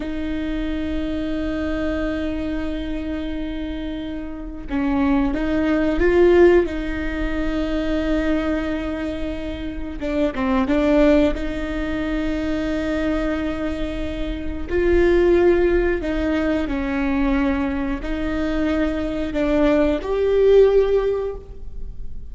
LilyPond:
\new Staff \with { instrumentName = "viola" } { \time 4/4 \tempo 4 = 90 dis'1~ | dis'2. cis'4 | dis'4 f'4 dis'2~ | dis'2. d'8 c'8 |
d'4 dis'2.~ | dis'2 f'2 | dis'4 cis'2 dis'4~ | dis'4 d'4 g'2 | }